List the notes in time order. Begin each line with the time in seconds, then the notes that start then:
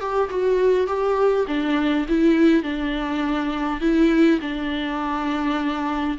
0.00 G4
0.30 F#4
0.87 G4
1.47 D4
2.09 E4
2.63 D4
3.80 E4
4.41 D4